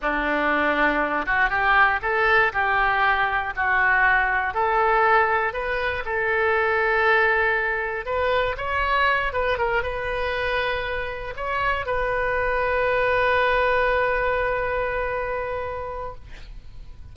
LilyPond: \new Staff \with { instrumentName = "oboe" } { \time 4/4 \tempo 4 = 119 d'2~ d'8 fis'8 g'4 | a'4 g'2 fis'4~ | fis'4 a'2 b'4 | a'1 |
b'4 cis''4. b'8 ais'8 b'8~ | b'2~ b'8 cis''4 b'8~ | b'1~ | b'1 | }